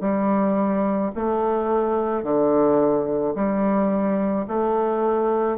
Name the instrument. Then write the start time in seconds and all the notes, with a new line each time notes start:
bassoon
0.00 G3
1.15 A3
2.23 D3
3.35 G3
4.47 A3